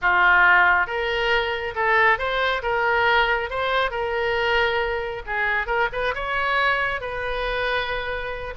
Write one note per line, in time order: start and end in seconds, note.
0.01 0.86 F4
0.86 1.74 A#4
1.75 2.18 A4
2.18 2.62 C5
2.62 3.49 A#4
3.50 3.90 C5
3.90 5.22 A#4
5.26 5.66 G#4
5.66 5.88 A#4
5.92 6.14 B4
6.15 7.00 C#5
7.00 8.54 B4